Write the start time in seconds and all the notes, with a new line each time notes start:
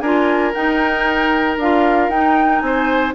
0.00 D4 F4 A#4 G#5
0.53 D#4 G5
1.57 D4 F4 F5
2.08 D#4 G5
2.60 C4 C5 G#5